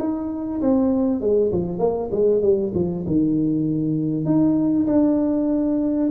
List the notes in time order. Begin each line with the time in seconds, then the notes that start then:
0.00 D#4
0.62 C4
1.21 G#3
1.53 F3
1.79 A#3
2.12 G#3
2.42 G3
2.75 F3
3.07 D#3
4.26 D#4
4.87 D4